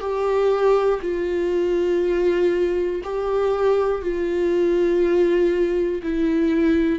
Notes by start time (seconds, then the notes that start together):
0.00 G4
1.02 F4
3.04 G4
4.02 F4
6.03 E4